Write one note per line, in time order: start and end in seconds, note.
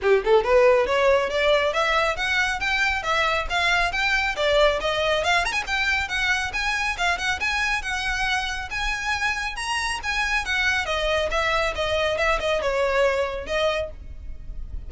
0.02 0.23 G4
0.24 0.44 A4
0.44 0.86 B4
0.86 1.29 C#5
1.29 1.73 D5
1.73 2.16 E5
2.16 2.60 F#5
2.60 3.02 G5
3.02 3.46 E5
3.49 3.92 F5
3.92 4.35 G5
4.36 4.79 D5
4.80 5.24 D#5
5.24 5.45 F5
5.45 5.52 A#5
5.52 5.63 G#5
5.66 6.08 G5
6.08 6.52 F#5
6.53 6.96 G#5
6.97 7.17 F5
7.17 7.39 F#5
7.40 7.82 G#5
7.82 8.69 F#5
8.70 9.56 G#5
9.56 9.99 A#5
10.03 10.45 G#5
10.45 10.85 F#5
10.85 11.29 D#5
11.30 11.74 E5
11.75 12.17 D#5
12.17 12.39 E5
12.40 12.61 D#5
12.61 13.46 C#5
13.46 13.90 D#5